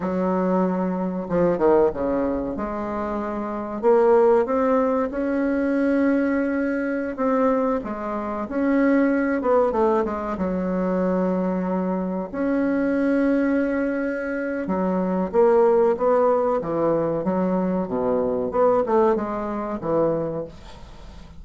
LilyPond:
\new Staff \with { instrumentName = "bassoon" } { \time 4/4 \tempo 4 = 94 fis2 f8 dis8 cis4 | gis2 ais4 c'4 | cis'2.~ cis'16 c'8.~ | c'16 gis4 cis'4. b8 a8 gis16~ |
gis16 fis2. cis'8.~ | cis'2. fis4 | ais4 b4 e4 fis4 | b,4 b8 a8 gis4 e4 | }